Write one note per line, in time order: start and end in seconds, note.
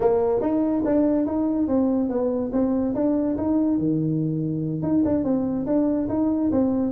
0.00 0.41 A#3
0.41 0.83 D#4
0.85 1.25 D4
1.25 1.67 D#4
1.67 2.09 C4
2.09 2.51 B3
2.52 2.94 C4
2.94 3.36 D4
3.37 3.77 D#4
3.77 4.82 D#3
4.82 5.03 D#4
5.05 5.24 D4
5.24 5.66 C4
5.66 6.08 D4
6.09 6.51 D#4
6.51 6.92 C4